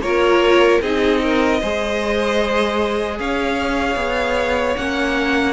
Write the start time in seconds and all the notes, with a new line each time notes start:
0.00 A#3 F4 A#4 C#5
0.82 C4 D#4 G#4 D#5
1.23 A#4
1.61 G#3 G#4 C5
3.20 C#4 C#5 F5
3.96 B3
4.76 A#3 C#4 F#5